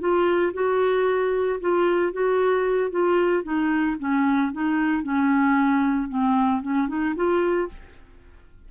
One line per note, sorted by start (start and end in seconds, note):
0.00 0.53 F4
0.54 1.60 F#4
1.61 2.13 F4
2.13 2.91 F#4
2.91 3.44 F4
3.44 3.97 D#4
4.00 4.53 C#4
4.53 5.03 D#4
5.03 6.09 C#4
6.09 6.62 C4
6.63 6.89 C#4
6.89 7.15 D#4
7.16 7.69 F4